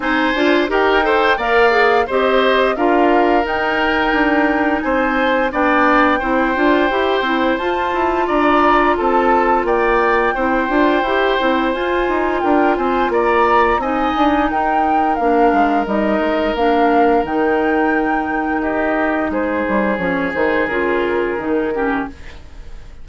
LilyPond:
<<
  \new Staff \with { instrumentName = "flute" } { \time 4/4 \tempo 4 = 87 gis''4 g''4 f''4 dis''4 | f''4 g''2 gis''4 | g''2. a''4 | ais''4 a''4 g''2~ |
g''4 gis''4 g''8 gis''8 ais''4 | gis''4 g''4 f''4 dis''4 | f''4 g''2 dis''4 | c''4 cis''8 c''8 ais'2 | }
  \new Staff \with { instrumentName = "oboe" } { \time 4/4 c''4 ais'8 c''8 d''4 c''4 | ais'2. c''4 | d''4 c''2. | d''4 a'4 d''4 c''4~ |
c''2 ais'8 c''8 d''4 | dis''4 ais'2.~ | ais'2. g'4 | gis'2.~ gis'8 g'8 | }
  \new Staff \with { instrumentName = "clarinet" } { \time 4/4 dis'8 f'8 g'8 a'8 ais'8 gis'8 g'4 | f'4 dis'2. | d'4 e'8 f'8 g'8 e'8 f'4~ | f'2. e'8 f'8 |
g'8 e'8 f'2. | dis'2 d'4 dis'4 | d'4 dis'2.~ | dis'4 cis'8 dis'8 f'4 dis'8 cis'8 | }
  \new Staff \with { instrumentName = "bassoon" } { \time 4/4 c'8 d'8 dis'4 ais4 c'4 | d'4 dis'4 d'4 c'4 | b4 c'8 d'8 e'8 c'8 f'8 e'8 | d'4 c'4 ais4 c'8 d'8 |
e'8 c'8 f'8 dis'8 d'8 c'8 ais4 | c'8 d'8 dis'4 ais8 gis8 g8 gis8 | ais4 dis2. | gis8 g8 f8 dis8 cis4 dis4 | }
>>